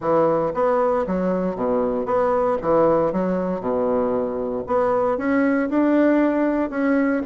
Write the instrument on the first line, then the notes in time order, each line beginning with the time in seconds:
bassoon
0.00 E3
0.53 B3
1.06 F#3
1.55 B2
2.05 B3
2.61 E3
3.12 F#3
3.60 B2
4.66 B3
5.17 C#4
5.69 D4
6.70 C#4